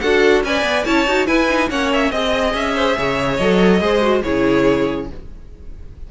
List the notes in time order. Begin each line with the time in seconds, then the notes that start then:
0.00 D4 F#4 A4 F#5
0.44 C#4 B4 D5 G#5
0.63 B3
0.84 C#4 E4 C#5 A5
1.07 D#4 F#4
1.26 E4 B4 G#5
1.49 D#4
1.70 A#3 C#4 C#5 F#5
1.93 E5
2.11 C4 G#4 D#5
2.54 C#4 E5
2.76 C5
2.97 C#3 C#5
3.37 F#3 A4 D#5
3.81 G#3 G#4 C5
4.02 F#4
4.23 C#3 E4 G#4 C#5